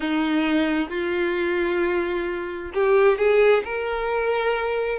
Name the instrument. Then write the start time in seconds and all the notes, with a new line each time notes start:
violin
0.00 D#4
0.89 F4
2.74 G4
3.17 G#4
3.64 A#4